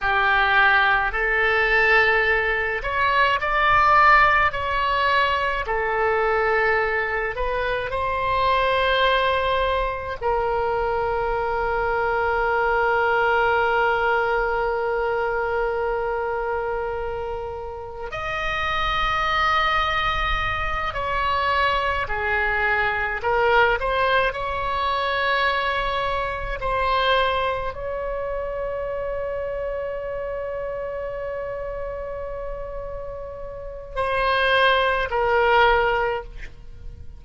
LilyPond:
\new Staff \with { instrumentName = "oboe" } { \time 4/4 \tempo 4 = 53 g'4 a'4. cis''8 d''4 | cis''4 a'4. b'8 c''4~ | c''4 ais'2.~ | ais'1 |
dis''2~ dis''8 cis''4 gis'8~ | gis'8 ais'8 c''8 cis''2 c''8~ | c''8 cis''2.~ cis''8~ | cis''2 c''4 ais'4 | }